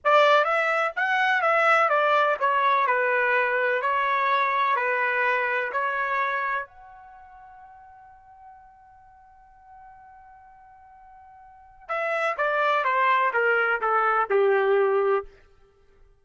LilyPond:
\new Staff \with { instrumentName = "trumpet" } { \time 4/4 \tempo 4 = 126 d''4 e''4 fis''4 e''4 | d''4 cis''4 b'2 | cis''2 b'2 | cis''2 fis''2~ |
fis''1~ | fis''1~ | fis''4 e''4 d''4 c''4 | ais'4 a'4 g'2 | }